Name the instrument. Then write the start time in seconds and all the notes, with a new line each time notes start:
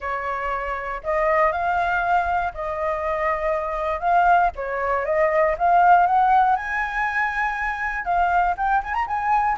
flute
0.00 C#5
1.03 D#5
1.51 F5
2.53 D#5
4.00 F5
4.55 C#5
5.05 D#5
5.58 F5
6.06 F#5
6.55 G#5
8.04 F5
8.57 G5
8.83 G#5
8.94 A#5
9.07 G#5